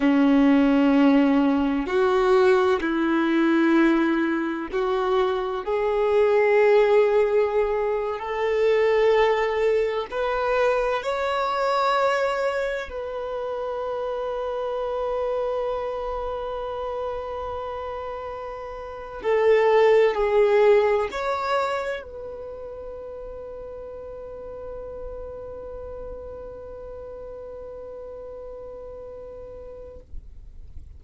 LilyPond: \new Staff \with { instrumentName = "violin" } { \time 4/4 \tempo 4 = 64 cis'2 fis'4 e'4~ | e'4 fis'4 gis'2~ | gis'8. a'2 b'4 cis''16~ | cis''4.~ cis''16 b'2~ b'16~ |
b'1~ | b'8 a'4 gis'4 cis''4 b'8~ | b'1~ | b'1 | }